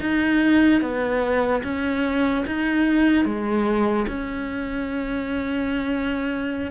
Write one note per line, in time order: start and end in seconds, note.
0.00 0.81 D#4
0.81 1.62 B3
1.63 2.44 C#4
2.47 3.25 D#4
3.25 4.06 G#3
4.08 6.71 C#4